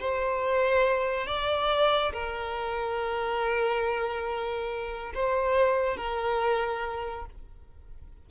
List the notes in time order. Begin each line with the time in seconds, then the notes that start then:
0.00 C5
1.27 D5
2.13 A#4
5.15 C5
5.97 A#4